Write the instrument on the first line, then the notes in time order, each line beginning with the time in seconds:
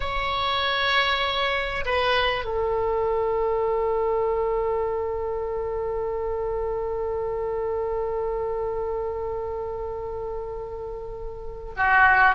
oboe
0.00 C#5
1.85 B4
2.44 A4
11.76 F#4